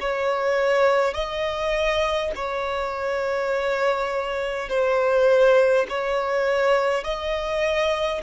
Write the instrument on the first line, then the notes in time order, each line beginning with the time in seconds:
violin
0.00 C#5
1.14 D#5
2.35 C#5
4.69 C5
5.89 C#5
7.04 D#5